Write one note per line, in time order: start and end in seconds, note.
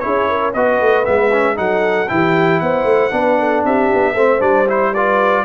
0.00 0.55 C#4
0.00 0.53 E4
0.00 0.29 G#4
0.00 0.52 C#5
0.29 0.54 A#4
0.54 0.81 B3
0.54 1.05 F#4
0.54 1.57 B4
0.54 1.05 D#5
0.81 1.07 A3
1.05 1.58 G#3
1.05 1.31 B3
1.05 1.57 E5
1.33 1.56 C#4
1.56 2.10 F#3
1.56 2.08 D#4
1.56 2.10 A4
1.56 2.09 F#5
2.09 2.61 E3
2.09 3.11 E4
2.09 2.62 G4
2.09 2.60 G5
2.60 2.84 B3
2.60 3.14 C5
2.60 3.64 F#5
2.84 3.10 A3
3.11 3.65 B3
3.11 4.15 D4
3.11 3.39 B4
3.39 3.65 A4
3.65 3.91 C4
3.65 4.14 G4
3.65 4.42 E5
3.94 4.15 B3
4.14 4.40 A3
4.14 4.40 C4
4.14 4.92 C5
4.40 5.44 G3
4.40 4.66 D4
4.40 4.67 D5
4.68 4.94 E4
4.68 4.94 C5
4.92 5.45 F4
4.92 5.44 B4
4.92 5.45 D5